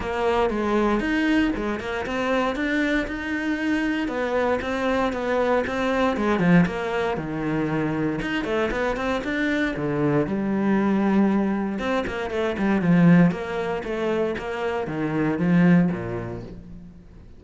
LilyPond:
\new Staff \with { instrumentName = "cello" } { \time 4/4 \tempo 4 = 117 ais4 gis4 dis'4 gis8 ais8 | c'4 d'4 dis'2 | b4 c'4 b4 c'4 | gis8 f8 ais4 dis2 |
dis'8 a8 b8 c'8 d'4 d4 | g2. c'8 ais8 | a8 g8 f4 ais4 a4 | ais4 dis4 f4 ais,4 | }